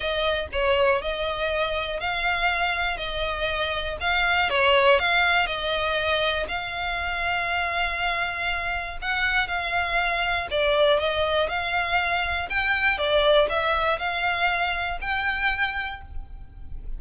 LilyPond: \new Staff \with { instrumentName = "violin" } { \time 4/4 \tempo 4 = 120 dis''4 cis''4 dis''2 | f''2 dis''2 | f''4 cis''4 f''4 dis''4~ | dis''4 f''2.~ |
f''2 fis''4 f''4~ | f''4 d''4 dis''4 f''4~ | f''4 g''4 d''4 e''4 | f''2 g''2 | }